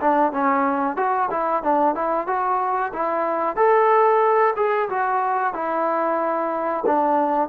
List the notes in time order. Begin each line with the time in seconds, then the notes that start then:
0.00 D4
0.32 C#4
0.97 F#4
1.31 E4
1.63 D4
1.95 E4
2.27 F#4
2.93 E4
3.56 A4
4.56 G#4
4.89 F#4
5.54 E4
6.86 D4